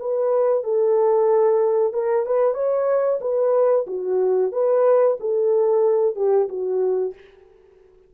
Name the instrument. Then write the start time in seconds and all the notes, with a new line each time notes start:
horn
0.00 B4
0.64 A4
1.94 A#4
2.26 B4
2.55 C#5
3.21 B4
3.87 F#4
4.52 B4
5.20 A4
6.16 G4
6.49 F#4